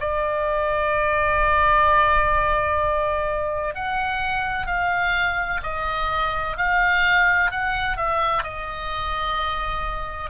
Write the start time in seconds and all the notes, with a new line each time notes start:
0.00 D5
3.75 F#5
4.67 F5
5.63 D#5
6.57 F5
7.51 F#5
7.97 E5
8.44 D#5